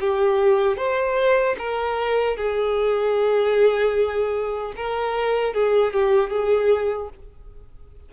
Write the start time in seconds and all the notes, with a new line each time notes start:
0.00 G4
0.77 C5
1.58 A#4
2.37 G#4
4.76 A#4
5.54 G#4
5.93 G4
6.30 G#4